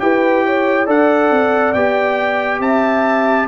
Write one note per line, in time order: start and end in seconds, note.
0.00 0.88 E4
0.00 0.86 G4
0.00 0.46 B4
0.00 0.87 G5
0.46 0.86 C#5
0.86 1.31 D4
0.86 1.73 A4
0.86 2.60 D5
0.86 1.73 F#5
1.31 1.74 C4
1.73 2.60 B3
1.73 3.48 G4
1.73 2.60 G5
2.60 3.47 C4
2.60 3.48 E5
2.60 3.48 A5